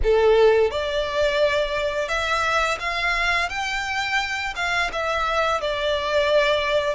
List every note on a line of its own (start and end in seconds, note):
0.03 0.70 A4
0.70 2.08 D5
2.08 2.78 E5
2.79 3.49 F5
3.49 4.53 G5
4.55 4.90 F5
4.92 5.60 E5
5.60 6.95 D5